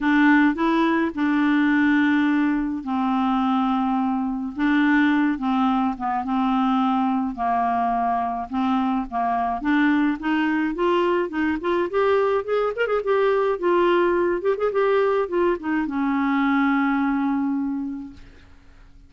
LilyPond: \new Staff \with { instrumentName = "clarinet" } { \time 4/4 \tempo 4 = 106 d'4 e'4 d'2~ | d'4 c'2. | d'4. c'4 b8 c'4~ | c'4 ais2 c'4 |
ais4 d'4 dis'4 f'4 | dis'8 f'8 g'4 gis'8 ais'16 gis'16 g'4 | f'4. g'16 gis'16 g'4 f'8 dis'8 | cis'1 | }